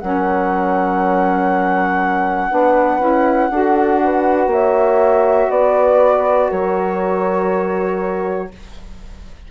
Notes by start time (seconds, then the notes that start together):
0.00 F#3 C#4 A#4 F#5
2.50 B3 D4 B4
3.00 C#4 E4
3.50 D4 F#4 A4
4.04 B4
4.47 A#3 C#5 E5
5.50 B3 B4 D5
6.49 F#3 A#4 C#5